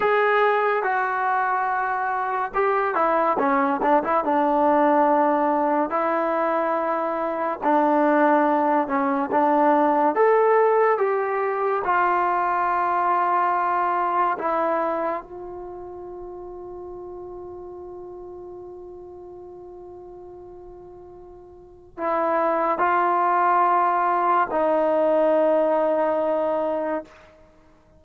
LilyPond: \new Staff \with { instrumentName = "trombone" } { \time 4/4 \tempo 4 = 71 gis'4 fis'2 g'8 e'8 | cis'8 d'16 e'16 d'2 e'4~ | e'4 d'4. cis'8 d'4 | a'4 g'4 f'2~ |
f'4 e'4 f'2~ | f'1~ | f'2 e'4 f'4~ | f'4 dis'2. | }